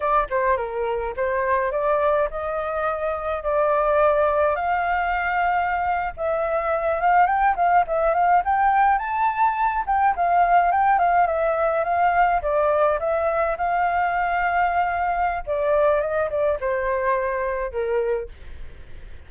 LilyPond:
\new Staff \with { instrumentName = "flute" } { \time 4/4 \tempo 4 = 105 d''8 c''8 ais'4 c''4 d''4 | dis''2 d''2 | f''2~ f''8. e''4~ e''16~ | e''16 f''8 g''8 f''8 e''8 f''8 g''4 a''16~ |
a''4~ a''16 g''8 f''4 g''8 f''8 e''16~ | e''8. f''4 d''4 e''4 f''16~ | f''2. d''4 | dis''8 d''8 c''2 ais'4 | }